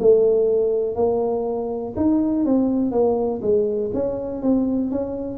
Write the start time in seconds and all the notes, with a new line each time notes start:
0.00 A3
0.96 A#3
1.96 D#4
2.46 C4
2.92 A#3
3.42 G#3
3.94 C#4
4.42 C4
4.91 C#4